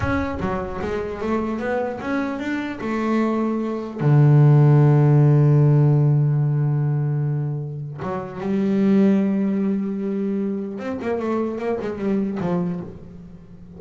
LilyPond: \new Staff \with { instrumentName = "double bass" } { \time 4/4 \tempo 4 = 150 cis'4 fis4 gis4 a4 | b4 cis'4 d'4 a4~ | a2 d2~ | d1~ |
d1 | fis4 g2.~ | g2. c'8 ais8 | a4 ais8 gis8 g4 f4 | }